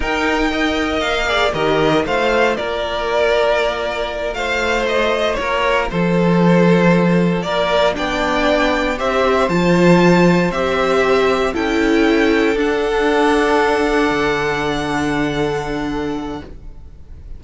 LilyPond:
<<
  \new Staff \with { instrumentName = "violin" } { \time 4/4 \tempo 4 = 117 g''2 f''4 dis''4 | f''4 d''2.~ | d''8 f''4 dis''4 cis''4 c''8~ | c''2~ c''8 d''4 g''8~ |
g''4. e''4 a''4.~ | a''8 e''2 g''4.~ | g''8 fis''2.~ fis''8~ | fis''1 | }
  \new Staff \with { instrumentName = "violin" } { \time 4/4 ais'4 dis''4. d''8 ais'4 | c''4 ais'2.~ | ais'8 c''2 ais'4 a'8~ | a'2~ a'8 ais'4 d''8~ |
d''4. c''2~ c''8~ | c''2~ c''8 a'4.~ | a'1~ | a'1 | }
  \new Staff \with { instrumentName = "viola" } { \time 4/4 dis'4 ais'4. gis'8 g'4 | f'1~ | f'1~ | f'2.~ f'8 d'8~ |
d'4. g'4 f'4.~ | f'8 g'2 e'4.~ | e'8 d'2.~ d'8~ | d'1 | }
  \new Staff \with { instrumentName = "cello" } { \time 4/4 dis'2 ais4 dis4 | a4 ais2.~ | ais8 a2 ais4 f8~ | f2~ f8 ais4 b8~ |
b4. c'4 f4.~ | f8 c'2 cis'4.~ | cis'8 d'2. d8~ | d1 | }
>>